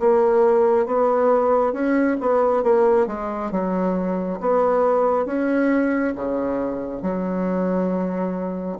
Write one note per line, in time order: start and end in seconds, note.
0.00 0.86 A#3
0.86 1.73 B3
1.73 2.17 C#4
2.21 2.64 B3
2.64 3.07 A#3
3.07 3.51 G#3
3.51 4.40 F#3
4.41 5.26 B3
5.26 6.14 C#4
6.16 7.02 C#3
7.02 8.79 F#3